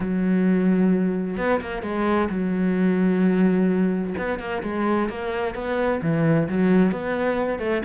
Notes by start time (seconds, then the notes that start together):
0.00 F#3
1.37 B3
1.60 A#3
1.82 G#3
2.29 F#3
4.18 B3
4.39 A#3
4.63 G#3
5.09 A#3
5.54 B3
6.02 E3
6.48 F#3
6.91 B3
7.59 A3